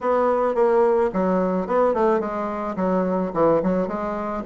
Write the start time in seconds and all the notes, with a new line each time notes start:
0.01 B3
0.54 A#3
1.13 F#3
1.66 B3
1.93 A3
2.19 G#3
2.76 F#3
3.33 E3
3.62 F#3
3.87 G#3